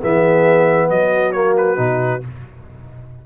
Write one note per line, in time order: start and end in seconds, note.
0.00 0.90 E3
0.00 1.34 B3
0.00 0.88 G#4
0.00 0.90 E5
0.90 1.78 F#3
0.90 2.26 F#4
0.90 1.32 D#5
1.32 1.77 A#3
1.32 1.54 C#5
1.57 2.24 B4
1.77 2.22 B2
1.77 2.21 D#4